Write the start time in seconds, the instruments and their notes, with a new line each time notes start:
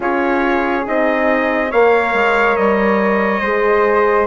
0.00 bassoon C#4, horn F4, flute G#4, trumpet C#5
0.85 bassoon C4, horn D#4, trumpet D#5
1.70 bassoon A#3, horn A#4, flute C#5, trumpet F5
2.13 bassoon G#3
2.56 bassoon G3, trumpet D#5
3.41 bassoon G#3, horn G#4, flute C5